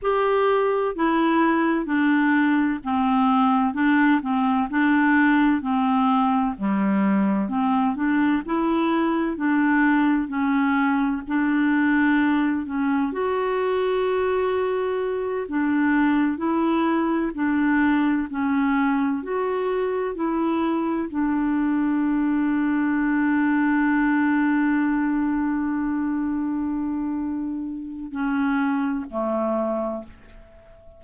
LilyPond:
\new Staff \with { instrumentName = "clarinet" } { \time 4/4 \tempo 4 = 64 g'4 e'4 d'4 c'4 | d'8 c'8 d'4 c'4 g4 | c'8 d'8 e'4 d'4 cis'4 | d'4. cis'8 fis'2~ |
fis'8 d'4 e'4 d'4 cis'8~ | cis'8 fis'4 e'4 d'4.~ | d'1~ | d'2 cis'4 a4 | }